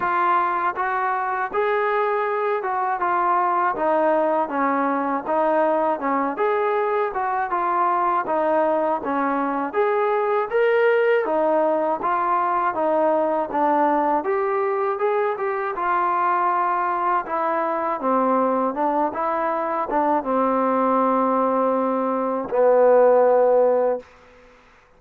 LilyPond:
\new Staff \with { instrumentName = "trombone" } { \time 4/4 \tempo 4 = 80 f'4 fis'4 gis'4. fis'8 | f'4 dis'4 cis'4 dis'4 | cis'8 gis'4 fis'8 f'4 dis'4 | cis'4 gis'4 ais'4 dis'4 |
f'4 dis'4 d'4 g'4 | gis'8 g'8 f'2 e'4 | c'4 d'8 e'4 d'8 c'4~ | c'2 b2 | }